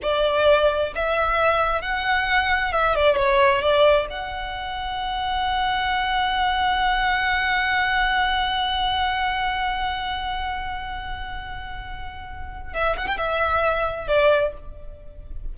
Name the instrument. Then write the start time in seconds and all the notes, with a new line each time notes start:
violin
0.02 D5
0.95 E5
1.81 F#5
2.72 E5
2.95 D5
3.16 C#5
3.61 D5
4.10 F#5
12.73 E5
12.97 F#5
13.07 G5
13.17 E5
14.07 D5